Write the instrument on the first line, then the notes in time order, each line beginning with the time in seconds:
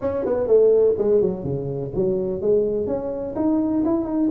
tuba
0.01 C#4
0.25 B3
0.47 A3
0.98 G#3
1.21 F#3
1.43 C#3
1.95 F#3
2.41 G#3
2.86 C#4
3.35 D#4
3.84 E4
4.04 D#4